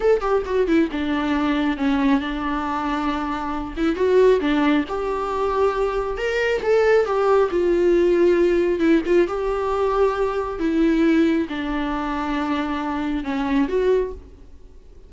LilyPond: \new Staff \with { instrumentName = "viola" } { \time 4/4 \tempo 4 = 136 a'8 g'8 fis'8 e'8 d'2 | cis'4 d'2.~ | d'8 e'8 fis'4 d'4 g'4~ | g'2 ais'4 a'4 |
g'4 f'2. | e'8 f'8 g'2. | e'2 d'2~ | d'2 cis'4 fis'4 | }